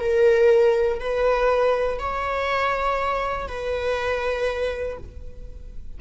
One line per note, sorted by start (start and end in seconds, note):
0.00 1.00 A#4
1.00 2.00 B4
2.00 3.48 C#5
3.48 4.98 B4